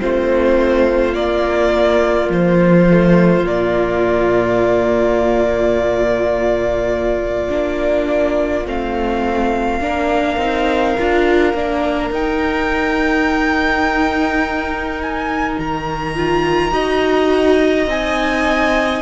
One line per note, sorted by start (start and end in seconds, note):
0.00 1.16 A3
0.00 1.14 C4
0.00 9.81 F4
0.00 1.14 C5
1.14 2.87 A#3
1.14 2.29 A#3
1.14 2.30 D5
2.29 3.44 F3
2.29 3.47 C5
2.91 3.46 A3
3.44 7.48 A#2
3.44 7.49 A#3
3.44 8.66 D5
7.49 8.66 A#3
7.49 8.64 D4
8.65 9.80 A3
8.65 9.81 C4
8.65 12.13 F5
9.80 10.37 A#3
9.80 10.39 D4
9.80 16.73 A#4
10.37 10.94 C4
10.37 10.97 D#4
10.98 11.53 D4
10.98 11.55 F4
11.53 12.10 A#3
11.53 12.12 D4
12.10 15.56 D#4
12.10 16.15 D#4
12.10 15.01 G5
15.02 15.59 G#5
15.58 16.71 D#3
15.58 17.90 A#5
16.15 16.71 F4
16.71 17.87 D#4
16.71 17.87 F#4
16.71 19.02 D#5
17.87 19.02 C4
17.87 19.02 D#4
17.87 19.02 G#5